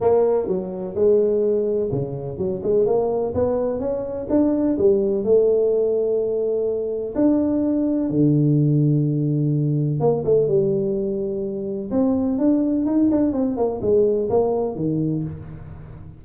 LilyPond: \new Staff \with { instrumentName = "tuba" } { \time 4/4 \tempo 4 = 126 ais4 fis4 gis2 | cis4 fis8 gis8 ais4 b4 | cis'4 d'4 g4 a4~ | a2. d'4~ |
d'4 d2.~ | d4 ais8 a8 g2~ | g4 c'4 d'4 dis'8 d'8 | c'8 ais8 gis4 ais4 dis4 | }